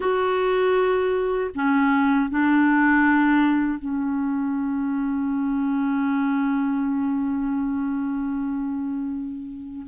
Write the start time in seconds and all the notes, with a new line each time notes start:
0.00 F#4
1.54 C#4
2.30 D4
3.78 C#4